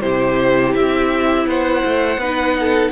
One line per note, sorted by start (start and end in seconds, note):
0.00 0.74 C3
0.00 2.20 E4
0.00 1.47 G4
0.00 0.73 C5
0.74 1.46 C4
0.74 1.47 E5
1.46 1.82 B3
1.46 2.20 C5
1.46 2.91 F#5
1.84 2.17 A3
2.17 2.90 B3
2.17 2.91 D#4
2.17 2.56 B4
2.59 2.91 A4